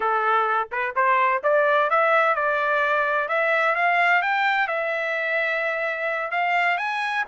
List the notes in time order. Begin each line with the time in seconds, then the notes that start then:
0.00 A4
0.71 B4
0.95 C5
1.43 D5
1.90 E5
2.35 D5
3.28 E5
3.75 F5
4.22 G5
4.67 E5
6.31 F5
6.77 G#5